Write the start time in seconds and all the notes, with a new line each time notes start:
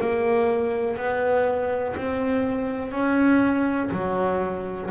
0.00 A#3
0.97 B3
1.96 C4
2.92 C#4
3.92 F#3